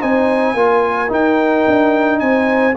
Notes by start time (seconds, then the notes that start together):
0.00 C4 D#4 C5 G#5
0.54 A#3 F4 A#4
1.08 D#4 G5
1.67 D4
2.19 C4 C5 G#5